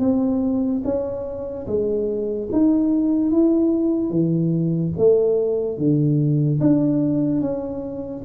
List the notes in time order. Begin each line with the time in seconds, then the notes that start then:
0.00 C4
0.85 C#4
1.67 G#3
2.52 D#4
3.32 E4
4.10 E3
4.98 A3
5.78 D3
6.61 D4
7.41 C#4